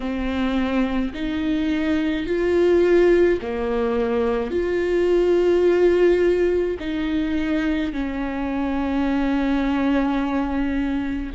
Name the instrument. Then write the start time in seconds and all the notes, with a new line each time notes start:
viola
0.00 C4
1.14 D#4
2.26 F4
3.41 A#3
4.50 F4
6.79 D#4
7.92 C#4